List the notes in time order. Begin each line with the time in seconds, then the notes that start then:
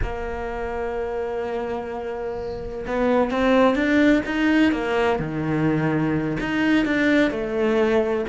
0.02 A#3
2.86 B3
3.30 C4
3.75 D4
4.25 D#4
4.72 A#3
5.19 D#3
6.40 D#4
6.85 D4
7.31 A3